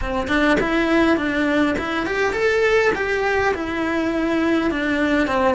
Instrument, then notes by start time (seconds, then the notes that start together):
cello
0.01 C4
0.28 D4
0.60 E4
1.16 D4
1.78 E4
2.06 G4
2.32 A4
2.95 G4
3.54 E4
4.71 D4
5.27 C4